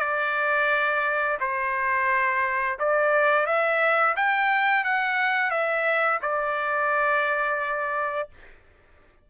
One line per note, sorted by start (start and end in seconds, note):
0.00 1.38 D5
1.40 2.78 C5
2.79 3.46 D5
3.46 4.15 E5
4.16 4.85 G5
4.85 5.51 F#5
5.51 6.20 E5
6.22 8.29 D5